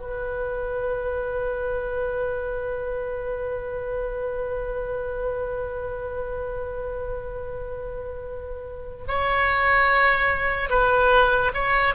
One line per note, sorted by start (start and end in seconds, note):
0.00 9.04 B4
9.08 10.69 C#5
10.69 11.51 B4
11.54 11.94 C#5